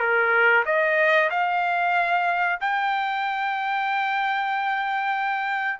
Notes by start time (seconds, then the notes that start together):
0.00 A#4
0.66 D#5
1.31 F5
2.61 G5